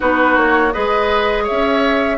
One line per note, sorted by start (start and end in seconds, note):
0.00 0.37 B3
0.00 0.72 D#4
0.00 0.73 F#4
0.00 0.37 B4
0.37 0.73 A#3
0.37 0.72 C#5
0.72 1.49 G#3
0.72 2.18 G#4
0.72 1.43 B4
0.72 1.46 D#5
1.43 2.16 C#5
1.43 2.18 E5
1.50 2.18 C#4